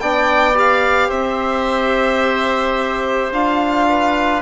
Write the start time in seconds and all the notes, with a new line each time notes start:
0.00 B3 D4 D5 G5
0.54 G4 F5
1.08 C4 C5 E5
3.31 D4 F4 F5
3.88 B4